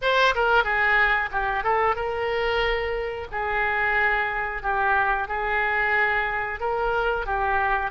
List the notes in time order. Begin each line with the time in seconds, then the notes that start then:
0.01 C5
0.34 A#4
0.64 G#4
1.31 G4
1.63 A4
1.95 A#4
3.31 G#4
4.62 G4
5.27 G#4
6.59 A#4
7.26 G4